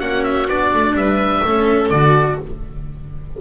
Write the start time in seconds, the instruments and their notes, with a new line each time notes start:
0.00 double bass A#3, cello C#4, violin F#4, oboe F#5
0.23 oboe E5
0.47 double bass B3, cello D4, oboe D5
0.74 double bass A3
0.93 double bass G3, violin B4, oboe E5
1.44 double bass A3, cello C#4, violin A4
1.89 double bass D3, cello F#4, oboe D5